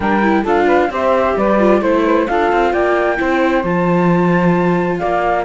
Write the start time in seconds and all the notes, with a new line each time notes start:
0.00 G3 D4 A#4 G5
0.22 E4
0.42 D4 F4 A4 F5
0.66 B4
0.89 C4 G4 C5 E5
1.36 G3 B4 D5
1.59 F4
1.81 A3 E4 C5
2.04 B4
2.27 D4 F4 A4 F5
2.52 C4
2.71 A#3 D5 G5
3.16 C4 E4 C5
3.63 F3 F4 A5
4.98 A#3 D5 F5